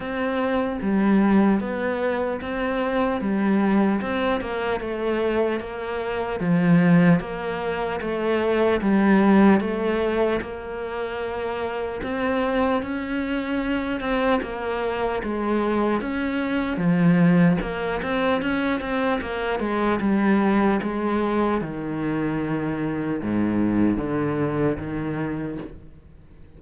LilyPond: \new Staff \with { instrumentName = "cello" } { \time 4/4 \tempo 4 = 75 c'4 g4 b4 c'4 | g4 c'8 ais8 a4 ais4 | f4 ais4 a4 g4 | a4 ais2 c'4 |
cis'4. c'8 ais4 gis4 | cis'4 f4 ais8 c'8 cis'8 c'8 | ais8 gis8 g4 gis4 dis4~ | dis4 gis,4 d4 dis4 | }